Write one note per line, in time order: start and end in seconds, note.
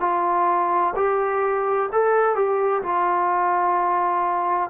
0.00 0.94 F4
0.95 1.89 G4
1.92 2.35 A4
2.35 2.82 G4
2.83 4.70 F4